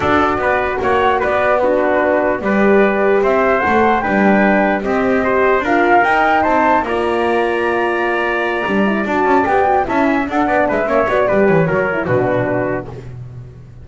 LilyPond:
<<
  \new Staff \with { instrumentName = "flute" } { \time 4/4 \tempo 4 = 149 d''2 fis''4 d''4 | b'2 d''2 | e''4 fis''4 g''2 | dis''2 f''4 g''4 |
a''4 ais''2.~ | ais''2~ ais''8 a''4 g''8~ | g''8 a''8 gis''8 fis''4 e''4 d''8~ | d''8 cis''4. b'2 | }
  \new Staff \with { instrumentName = "trumpet" } { \time 4/4 a'4 b'4 cis''4 b'4 | fis'2 b'2 | c''2 b'2 | g'4 c''4 ais'2 |
c''4 d''2.~ | d''1~ | d''8 e''4 a'8 d''8 b'8 cis''4 | b'4 ais'4 fis'2 | }
  \new Staff \with { instrumentName = "horn" } { \time 4/4 fis'1 | d'2 g'2~ | g'4 a'4 d'2 | c'4 g'4 f'4 dis'4~ |
dis'4 f'2.~ | f'4. d'8 e'8 fis'4 g'8 | fis'8 e'4 d'4. cis'8 fis'8 | g'4 fis'8 e'8 d'2 | }
  \new Staff \with { instrumentName = "double bass" } { \time 4/4 d'4 b4 ais4 b4~ | b2 g2 | c'4 a4 g2 | c'2 d'4 dis'4 |
c'4 ais2.~ | ais4. g4 d'8 cis'8 b8~ | b8 cis'4 d'8 b8 gis8 ais8 b8 | g8 e8 fis4 b,2 | }
>>